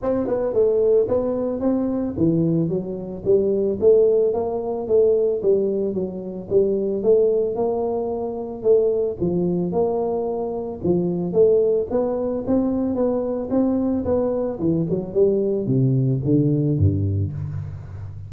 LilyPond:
\new Staff \with { instrumentName = "tuba" } { \time 4/4 \tempo 4 = 111 c'8 b8 a4 b4 c'4 | e4 fis4 g4 a4 | ais4 a4 g4 fis4 | g4 a4 ais2 |
a4 f4 ais2 | f4 a4 b4 c'4 | b4 c'4 b4 e8 fis8 | g4 c4 d4 g,4 | }